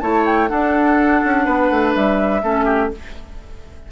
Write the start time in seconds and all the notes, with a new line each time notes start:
0.00 A3 E4 C#5 A5
0.25 G5
0.48 D4 A4 F#5
1.24 C#4
1.45 B3 B4
1.70 A3
1.94 G3 E5
2.43 A3 C#4 A4
2.65 G4